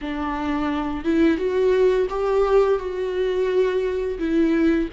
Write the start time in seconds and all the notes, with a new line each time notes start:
0.01 D4
1.04 E4
1.37 F#4
2.09 G4
2.78 F#4
4.18 E4